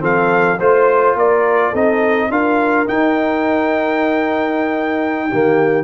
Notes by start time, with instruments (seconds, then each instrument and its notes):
0.00 tuba F3, trombone C4, horn A4, trumpet F5
0.59 tuba A3, trombone F4, horn C5, trumpet C5
1.15 tuba A#3, horn A#4, trumpet D5
1.71 tuba C4, trombone D#4, horn A4, trumpet D#5
2.29 tuba D4, trombone F4, horn A#4, trumpet F5
2.87 trombone D#4, tuba D#4, trumpet G5
5.28 tuba D#3, trombone A#3, horn G4